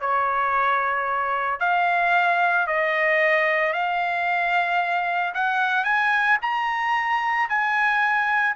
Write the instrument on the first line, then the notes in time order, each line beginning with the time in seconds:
trumpet
0.00 C#5
1.60 F5
2.67 D#5
3.73 F5
5.34 F#5
5.84 G#5
6.42 A#5
7.49 G#5